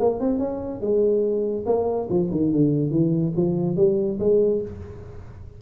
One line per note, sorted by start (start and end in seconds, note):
0.00 0.20 A#3
0.20 0.39 C4
0.39 0.81 C#4
0.81 1.65 G#3
1.66 2.08 A#3
2.10 2.31 F3
2.32 2.52 D#3
2.52 2.91 D3
2.91 3.33 E3
3.37 3.77 F3
3.77 4.19 G3
4.20 4.62 G#3